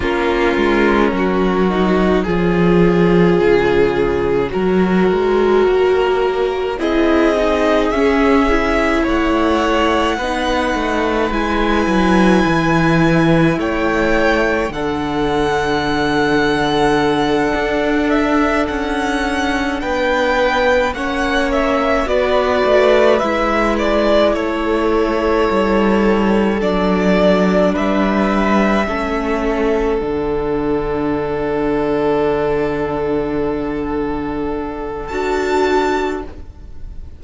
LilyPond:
<<
  \new Staff \with { instrumentName = "violin" } { \time 4/4 \tempo 4 = 53 ais'2 cis''2~ | cis''2 dis''4 e''4 | fis''2 gis''2 | g''4 fis''2. |
e''8 fis''4 g''4 fis''8 e''8 d''8~ | d''8 e''8 d''8 cis''2 d''8~ | d''8 e''2 fis''4.~ | fis''2. a''4 | }
  \new Staff \with { instrumentName = "violin" } { \time 4/4 f'4 fis'4 gis'2 | ais'2 gis'2 | cis''4 b'2. | cis''4 a'2.~ |
a'4. b'4 cis''4 b'8~ | b'4. a'2~ a'8~ | a'8 b'4 a'2~ a'8~ | a'1 | }
  \new Staff \with { instrumentName = "viola" } { \time 4/4 cis'4. dis'8 f'2 | fis'2 e'8 dis'8 cis'8 e'8~ | e'4 dis'4 e'2~ | e'4 d'2.~ |
d'2~ d'8 cis'4 fis'8~ | fis'8 e'2. d'8~ | d'4. cis'4 d'4.~ | d'2. fis'4 | }
  \new Staff \with { instrumentName = "cello" } { \time 4/4 ais8 gis8 fis4 f4 cis4 | fis8 gis8 ais4 c'4 cis'4 | a4 b8 a8 gis8 fis8 e4 | a4 d2~ d8 d'8~ |
d'8 cis'4 b4 ais4 b8 | a8 gis4 a4 g4 fis8~ | fis8 g4 a4 d4.~ | d2. d'4 | }
>>